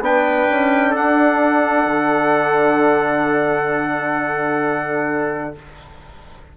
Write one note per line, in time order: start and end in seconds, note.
0.00 0.46 B3
0.00 5.56 D4
0.00 0.90 B4
0.00 0.95 G5
0.51 0.96 C#4
0.90 1.86 D4
0.90 5.52 A4
0.90 5.57 F#5
1.86 5.55 D3